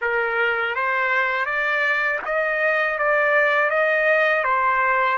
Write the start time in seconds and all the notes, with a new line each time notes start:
0.01 A#4
0.75 C5
1.45 D5
2.25 D#5
2.98 D5
3.70 D#5
4.44 C5